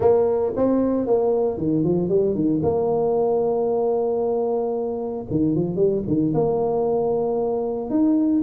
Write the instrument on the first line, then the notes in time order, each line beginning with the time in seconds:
tuba
0.00 A#3
0.56 C4
1.06 A#3
1.57 D#3
1.83 F3
2.09 G3
2.34 D#3
2.62 A#3
5.30 D#3
5.55 F3
5.76 G3
6.07 D#3
6.33 A#3
7.90 D#4